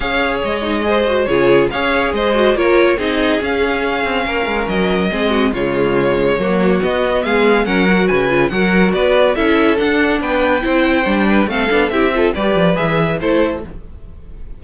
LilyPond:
<<
  \new Staff \with { instrumentName = "violin" } { \time 4/4 \tempo 4 = 141 f''4 dis''2 cis''4 | f''4 dis''4 cis''4 dis''4 | f''2. dis''4~ | dis''4 cis''2. |
dis''4 f''4 fis''4 gis''4 | fis''4 d''4 e''4 fis''4 | g''2. f''4 | e''4 d''4 e''4 c''4 | }
  \new Staff \with { instrumentName = "violin" } { \time 4/4 cis''2 c''4 gis'4 | cis''4 c''4 ais'4 gis'4~ | gis'2 ais'2 | gis'8 fis'8 f'2 fis'4~ |
fis'4 gis'4 ais'4 b'4 | ais'4 b'4 a'2 | b'4 c''4. b'8 a'4 | g'8 a'8 b'2 a'4 | }
  \new Staff \with { instrumentName = "viola" } { \time 4/4 gis'4. dis'8 gis'8 fis'8 f'4 | gis'4. fis'8 f'4 dis'4 | cis'1 | c'4 gis2 ais4 |
b2 cis'8 fis'4 f'8 | fis'2 e'4 d'4~ | d'4 e'4 d'4 c'8 d'8 | e'8 f'8 g'4 gis'4 e'4 | }
  \new Staff \with { instrumentName = "cello" } { \time 4/4 cis'4 gis2 cis4 | cis'4 gis4 ais4 c'4 | cis'4. c'8 ais8 gis8 fis4 | gis4 cis2 fis4 |
b4 gis4 fis4 cis4 | fis4 b4 cis'4 d'4 | b4 c'4 g4 a8 b8 | c'4 g8 f8 e4 a4 | }
>>